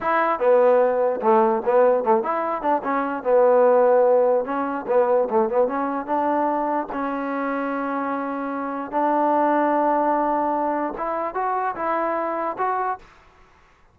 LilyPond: \new Staff \with { instrumentName = "trombone" } { \time 4/4 \tempo 4 = 148 e'4 b2 a4 | b4 a8 e'4 d'8 cis'4 | b2. cis'4 | b4 a8 b8 cis'4 d'4~ |
d'4 cis'2.~ | cis'2 d'2~ | d'2. e'4 | fis'4 e'2 fis'4 | }